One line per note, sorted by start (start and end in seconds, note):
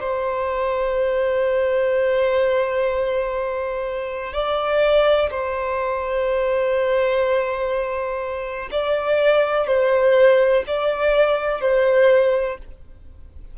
0.00 4.33 C5
4.33 5.30 D5
5.30 8.69 C5
8.71 9.66 D5
9.66 10.63 C5
10.67 11.61 D5
11.61 12.58 C5